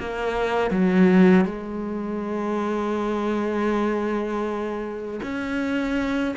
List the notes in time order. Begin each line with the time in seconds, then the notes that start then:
0.00 A#3
0.71 F#3
1.46 G#3
5.23 C#4